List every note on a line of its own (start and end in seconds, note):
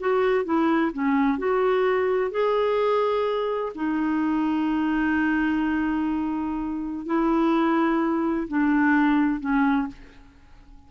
0.00 0.45 F#4
0.45 0.92 E4
0.93 1.38 C#4
1.38 2.31 F#4
2.31 3.73 G#4
3.75 7.06 D#4
7.06 8.48 E4
8.48 9.41 D4
9.41 9.88 C#4